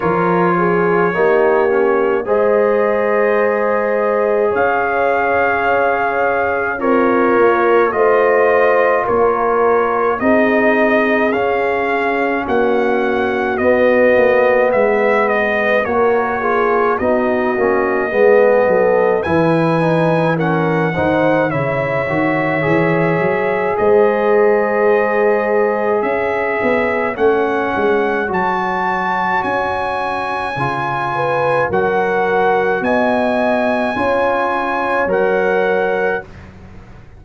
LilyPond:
<<
  \new Staff \with { instrumentName = "trumpet" } { \time 4/4 \tempo 4 = 53 cis''2 dis''2 | f''2 cis''4 dis''4 | cis''4 dis''4 f''4 fis''4 | dis''4 e''8 dis''8 cis''4 dis''4~ |
dis''4 gis''4 fis''4 e''4~ | e''4 dis''2 e''4 | fis''4 a''4 gis''2 | fis''4 gis''2 fis''4 | }
  \new Staff \with { instrumentName = "horn" } { \time 4/4 ais'8 gis'8 g'4 c''2 | cis''2 f'4 c''4 | ais'4 gis'2 fis'4~ | fis'4 b'4 ais'8 gis'8 fis'4 |
gis'8 a'8 b'4 ais'8 c''8 cis''4~ | cis''4 c''2 cis''4~ | cis''2.~ cis''8 b'8 | ais'4 dis''4 cis''2 | }
  \new Staff \with { instrumentName = "trombone" } { \time 4/4 f'4 dis'8 cis'8 gis'2~ | gis'2 ais'4 f'4~ | f'4 dis'4 cis'2 | b2 fis'8 f'8 dis'8 cis'8 |
b4 e'8 dis'8 cis'8 dis'8 e'8 fis'8 | gis'1 | cis'4 fis'2 f'4 | fis'2 f'4 ais'4 | }
  \new Staff \with { instrumentName = "tuba" } { \time 4/4 f4 ais4 gis2 | cis'2 c'8 ais8 a4 | ais4 c'4 cis'4 ais4 | b8 ais8 gis4 ais4 b8 ais8 |
gis8 fis8 e4. dis8 cis8 dis8 | e8 fis8 gis2 cis'8 b8 | a8 gis8 fis4 cis'4 cis4 | fis4 b4 cis'4 fis4 | }
>>